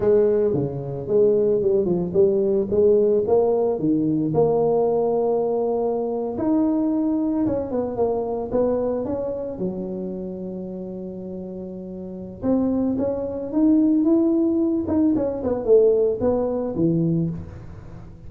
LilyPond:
\new Staff \with { instrumentName = "tuba" } { \time 4/4 \tempo 4 = 111 gis4 cis4 gis4 g8 f8 | g4 gis4 ais4 dis4 | ais2.~ ais8. dis'16~ | dis'4.~ dis'16 cis'8 b8 ais4 b16~ |
b8. cis'4 fis2~ fis16~ | fis2. c'4 | cis'4 dis'4 e'4. dis'8 | cis'8 b8 a4 b4 e4 | }